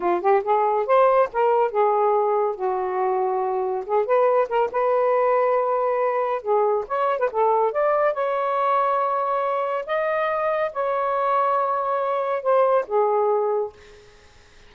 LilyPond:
\new Staff \with { instrumentName = "saxophone" } { \time 4/4 \tempo 4 = 140 f'8 g'8 gis'4 c''4 ais'4 | gis'2 fis'2~ | fis'4 gis'8 b'4 ais'8 b'4~ | b'2. gis'4 |
cis''8. b'16 a'4 d''4 cis''4~ | cis''2. dis''4~ | dis''4 cis''2.~ | cis''4 c''4 gis'2 | }